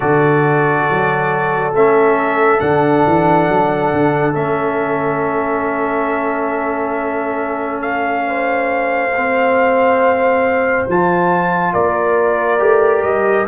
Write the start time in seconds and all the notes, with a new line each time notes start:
0.00 D3 F#4 A4 D5
0.89 F#3
1.72 A3 C#4 E5
2.60 D3 D4 F#5
3.06 E3
3.48 F#3
3.92 D3
4.32 A3 C#4 E5
7.81 F5
8.26 C5
9.16 C4
10.87 F3 F4 A5
11.73 A#3 A#4 D5
12.59 A3 G4
13.02 G3 D#5